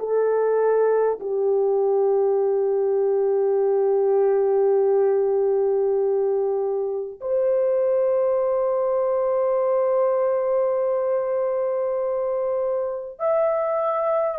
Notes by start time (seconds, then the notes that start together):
0.00 A4
1.21 G4
7.21 C5
13.19 E5